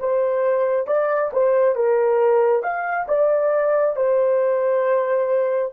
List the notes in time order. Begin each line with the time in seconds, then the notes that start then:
0.00 C5
0.87 D5
1.33 C5
1.76 A#4
2.63 F5
3.08 D5
3.96 C5